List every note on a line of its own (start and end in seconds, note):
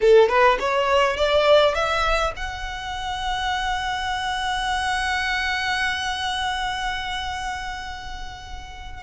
0.01 0.28 A4
0.28 0.57 B4
0.59 1.17 C#5
1.17 1.74 D5
1.74 2.33 E5
2.36 9.03 F#5